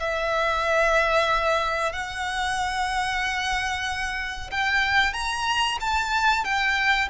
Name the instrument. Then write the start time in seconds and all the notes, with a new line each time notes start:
violin
0.00 E5
1.93 F#5
4.51 G5
5.14 A#5
5.81 A5
6.45 G5